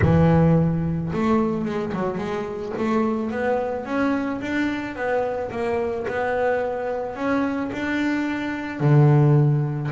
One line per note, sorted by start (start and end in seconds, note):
0.01 1.11 E3
1.13 1.65 A3
1.65 1.92 G#3
1.93 2.17 F#3
2.17 2.72 G#3
2.77 3.30 A3
3.30 3.85 B3
3.85 4.40 C#4
4.40 4.95 D4
4.95 5.50 B3
5.51 6.06 A#3
6.07 7.15 B3
7.15 7.70 C#4
7.72 8.79 D4
8.79 9.90 D3